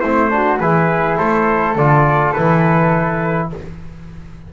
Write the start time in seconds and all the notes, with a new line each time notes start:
0.00 A3 C4 E4 C5
0.29 D4 F#4
0.59 E3 E4 G#4 B4
1.18 A3 A4 C5
1.75 D3 F4 D5
2.33 E3 E4 B4